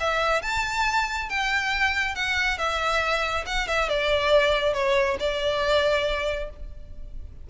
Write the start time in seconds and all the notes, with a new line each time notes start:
0.00 E5
0.42 A5
1.29 G5
2.15 F#5
2.58 E5
3.46 F#5
3.68 E5
3.89 D5
4.74 C#5
5.20 D5